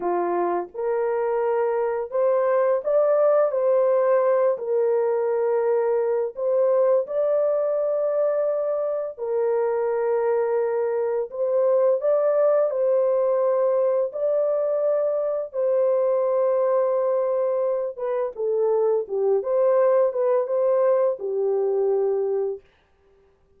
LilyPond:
\new Staff \with { instrumentName = "horn" } { \time 4/4 \tempo 4 = 85 f'4 ais'2 c''4 | d''4 c''4. ais'4.~ | ais'4 c''4 d''2~ | d''4 ais'2. |
c''4 d''4 c''2 | d''2 c''2~ | c''4. b'8 a'4 g'8 c''8~ | c''8 b'8 c''4 g'2 | }